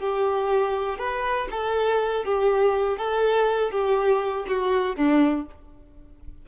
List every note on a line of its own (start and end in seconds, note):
0.00 0.99 G4
0.99 1.49 B4
1.51 2.25 A4
2.25 2.98 G4
2.98 3.71 A4
3.71 4.46 G4
4.48 4.96 F#4
4.96 5.46 D4